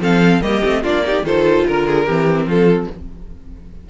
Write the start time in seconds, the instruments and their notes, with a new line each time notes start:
0.00 cello F3, viola C4, violin A4 F5
0.42 cello G3, viola A#3, violin G4 D#5
0.65 cello A3, viola C4
0.83 cello A#3, viola D4, violin F4 D5
1.06 viola D#4, violin G4
1.23 cello D#3, viola F4, violin A4 C5
1.67 cello D3, violin A#4
1.88 violin G#4
2.06 cello E3, viola C4, violin G4
2.46 cello F3, violin F4 A4